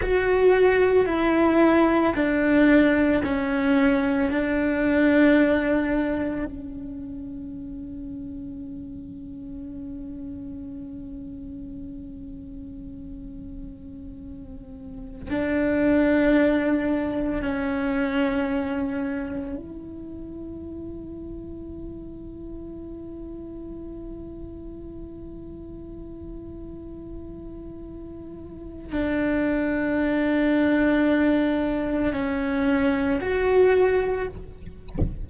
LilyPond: \new Staff \with { instrumentName = "cello" } { \time 4/4 \tempo 4 = 56 fis'4 e'4 d'4 cis'4 | d'2 cis'2~ | cis'1~ | cis'2~ cis'16 d'4.~ d'16~ |
d'16 cis'2 e'4.~ e'16~ | e'1~ | e'2. d'4~ | d'2 cis'4 fis'4 | }